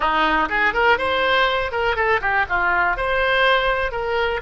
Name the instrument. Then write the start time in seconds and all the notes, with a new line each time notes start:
oboe
0.00 D#4
0.49 G#4
0.73 A#4
0.98 C5
1.71 A#4
1.96 A4
2.21 G4
2.49 F4
2.96 C5
3.91 A#4